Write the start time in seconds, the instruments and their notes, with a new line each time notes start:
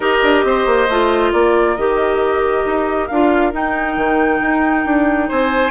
0.00 bassoon D#4, clarinet G4, oboe A#4, flute D#5
0.22 bassoon D4
0.44 bassoon C4, oboe C5
0.65 bassoon A#3
0.88 bassoon A3, clarinet F4
1.32 bassoon A#3, oboe A#4, flute D5
1.76 bassoon D#3, clarinet G4, flute D#5
2.65 bassoon D#4
3.07 bassoon D4, clarinet F4, flute F5
3.52 clarinet D#4, bassoon D#4, flute G5
3.96 bassoon D#3
4.41 bassoon D#4
4.85 bassoon D4
5.28 bassoon C4, oboe C5, flute G#5